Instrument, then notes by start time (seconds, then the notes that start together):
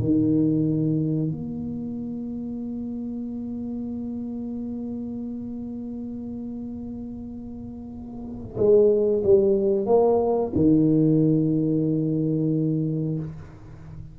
tuba
0.00 D#3
1.32 A#3
8.57 G#3
9.24 G3
9.87 A#3
10.56 D#3